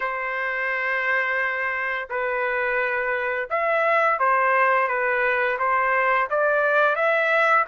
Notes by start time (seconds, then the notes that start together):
0.00 C5
2.09 B4
3.49 E5
4.19 C5
4.88 B4
5.58 C5
6.29 D5
6.95 E5